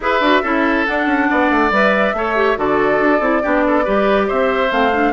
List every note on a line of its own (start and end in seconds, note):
0.00 0.20 E4
0.00 0.22 G#4
0.00 0.42 B4
0.00 0.85 E5
0.20 0.41 D4
0.20 0.44 F#4
0.42 0.86 C#4
0.42 0.87 E4
0.42 1.28 A4
0.85 1.05 D4
0.85 1.72 D4
0.85 1.71 F#5
1.05 1.27 C#4
1.29 1.50 B3
1.29 2.15 D5
1.50 1.70 A3
1.70 2.13 G3
1.70 2.15 B4
1.70 2.58 E5
2.13 2.56 A3
2.13 2.35 A4
2.13 2.58 C#5
2.35 2.56 G4
2.56 2.99 D3
2.56 3.20 F#4
2.56 3.42 A4
2.56 4.29 D5
2.99 3.20 D4
3.20 3.41 C4
3.20 3.42 E4
3.42 3.87 B3
3.42 3.85 D4
3.42 3.64 G4
3.66 3.84 A4
3.84 4.29 G3
3.84 4.69 G4
3.84 4.27 B4
4.27 4.71 C4
4.27 5.13 C5
4.27 4.71 E5
4.69 5.13 A3
4.69 4.91 C4
4.69 5.13 F5
4.92 5.13 D4